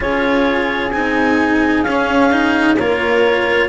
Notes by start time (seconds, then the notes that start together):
0.00 C#4 F4 G#4 C#5
0.91 C4 D#4 G#5
1.82 C#4 F5
2.31 D#4
2.77 A#3 F4 A#4 C#5